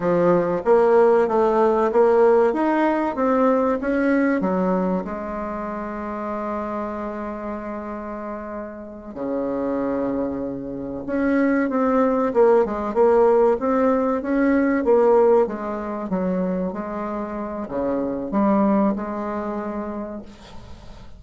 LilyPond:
\new Staff \with { instrumentName = "bassoon" } { \time 4/4 \tempo 4 = 95 f4 ais4 a4 ais4 | dis'4 c'4 cis'4 fis4 | gis1~ | gis2~ gis8 cis4.~ |
cis4. cis'4 c'4 ais8 | gis8 ais4 c'4 cis'4 ais8~ | ais8 gis4 fis4 gis4. | cis4 g4 gis2 | }